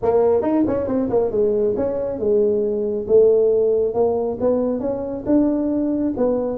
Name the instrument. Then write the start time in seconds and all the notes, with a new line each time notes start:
tuba
0.02 A#3
0.42 D#4
0.67 C#4
0.87 C4
1.09 A#3
1.31 G#3
1.76 C#4
2.19 G#3
3.07 A3
3.94 A#3
4.40 B3
4.80 C#4
5.26 D4
6.17 B3